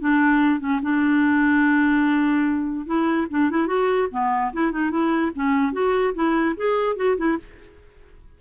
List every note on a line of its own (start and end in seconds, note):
0.00 0.59 D4
0.59 0.80 C#4
0.82 2.86 D4
2.86 3.27 E4
3.30 3.50 D4
3.50 3.67 E4
3.67 4.08 F#4
4.11 4.52 B3
4.53 4.71 E4
4.71 4.90 D#4
4.90 5.31 E4
5.35 5.72 C#4
5.72 6.13 F#4
6.14 6.55 E4
6.56 6.96 G#4
6.96 7.17 F#4
7.17 7.37 E4